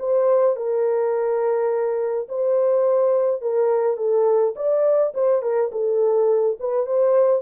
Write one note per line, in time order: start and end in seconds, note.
0.00 0.57 C5
0.57 2.28 A#4
2.29 3.42 C5
3.42 3.97 A#4
3.97 4.54 A4
4.56 5.14 D5
5.15 5.42 C5
5.42 5.71 A#4
5.72 6.58 A4
6.60 6.86 B4
6.86 7.42 C5